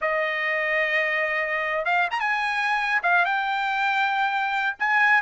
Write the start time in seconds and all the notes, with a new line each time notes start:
0.01 D#5
1.85 F5
2.10 A#5
2.20 G#5
3.02 F5
3.25 G5
4.79 G#5